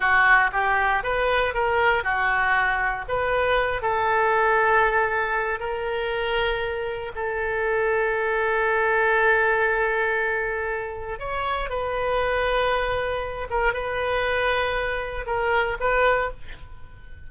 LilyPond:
\new Staff \with { instrumentName = "oboe" } { \time 4/4 \tempo 4 = 118 fis'4 g'4 b'4 ais'4 | fis'2 b'4. a'8~ | a'2. ais'4~ | ais'2 a'2~ |
a'1~ | a'2 cis''4 b'4~ | b'2~ b'8 ais'8 b'4~ | b'2 ais'4 b'4 | }